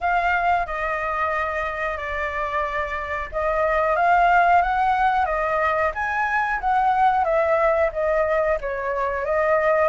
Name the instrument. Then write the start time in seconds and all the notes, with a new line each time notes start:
flute
0.01 F5
0.66 D#5
1.97 D5
3.31 D#5
3.96 F5
4.62 F#5
5.25 D#5
5.94 G#5
6.60 F#5
7.24 E5
7.92 D#5
8.60 C#5
9.25 D#5